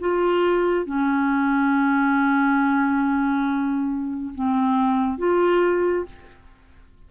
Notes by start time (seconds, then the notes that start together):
0.00 F4
0.85 C#4
4.35 C4
5.18 F4